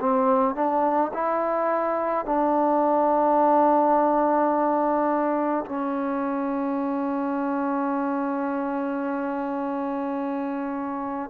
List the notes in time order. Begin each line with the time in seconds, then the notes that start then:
0.00 C4
0.55 D4
1.14 E4
2.25 D4
5.66 C#4